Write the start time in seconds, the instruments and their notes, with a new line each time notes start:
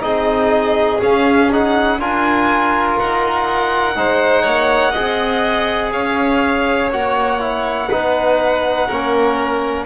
0.00 double bass C4, trombone D#4, violin G#4 D#5
0.99 trombone C#4, double bass C#4, violin F5
1.51 trombone D#4, violin F#5
1.98 double bass D4, trombone F4, violin A#4 G#5
2.98 double bass D#4, violin F#5
3.95 double bass G#3, trombone D#4, violin C5
4.42 double bass A#3, violin C#5
4.91 double bass C4, trombone G#4, violin D#5
5.92 double bass C#4, violin C#5 F5
6.92 double bass A#3, trombone F#4, violin F#5
7.39 trombone E4
7.90 double bass B3, trombone D#4, violin B4
8.86 double bass A#3, trombone C#4, violin A#4